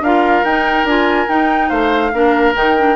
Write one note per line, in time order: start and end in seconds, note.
0.00 0.42 D4
0.00 0.46 F4
0.00 1.69 A#4
0.00 0.45 F5
0.44 0.84 D#4
0.44 0.88 D#4
0.44 0.87 G5
0.84 1.26 D4
0.84 1.28 F4
0.84 1.29 G#5
1.28 2.12 D#4
1.28 1.71 D#4
1.28 1.69 G5
1.69 2.13 A3
1.69 2.11 C5
1.69 2.54 F5
2.13 2.55 A#3
2.13 2.55 D4
2.13 2.96 A#4
2.55 2.96 D#3
2.55 2.77 D#4
2.55 2.96 G5
2.78 2.96 D4